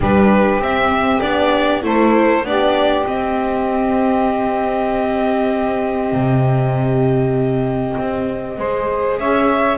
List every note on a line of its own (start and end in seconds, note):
0.00 0.59 G3
0.00 0.61 D4
0.00 1.83 G4
0.00 0.61 B4
0.59 1.20 C4
0.59 1.22 C4
0.59 1.20 E5
1.20 1.83 B3
1.20 1.82 D4
1.20 1.81 D5
1.82 2.44 A3
1.82 2.43 E4
1.82 2.45 A4
1.82 2.45 C5
2.44 3.05 B3
2.44 3.05 D4
2.44 8.57 G4
2.44 3.06 D5
3.05 8.56 C4
3.05 6.12 C4
3.05 9.18 D#5
6.12 7.96 C3
7.97 8.58 C4
8.57 9.18 G#3
8.57 9.78 G#4
8.57 9.19 C5
9.18 9.78 C#4
9.18 9.78 C#5
9.18 9.78 E5